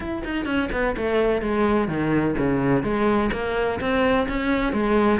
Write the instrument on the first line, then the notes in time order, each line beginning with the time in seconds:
cello
0.00 E4
0.24 D#4
0.45 C#4
0.72 B3
0.96 A3
1.41 G#3
1.88 D#3
2.37 C#3
2.83 G#3
3.32 A#3
3.80 C4
4.28 C#4
4.72 G#3